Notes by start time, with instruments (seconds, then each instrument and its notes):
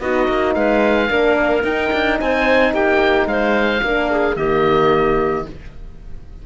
0.00 cello B3, horn D#4, clarinet F#4, oboe D#5
0.27 cello A#3
0.54 cello G#3, clarinet B4, oboe F5
1.08 cello A#3, horn D4, clarinet A#4
1.63 cello D#4, horn D#4, oboe G5
1.92 cello D4
2.19 cello C4, clarinet C5, oboe G#5
2.73 cello A#3, clarinet G4, oboe G5
3.26 cello G#3, clarinet C5, oboe F5
3.82 cello A#3, horn D4, clarinet A#4
4.10 clarinet G#4
4.36 cello D#3, horn A#3, clarinet G4, oboe D#5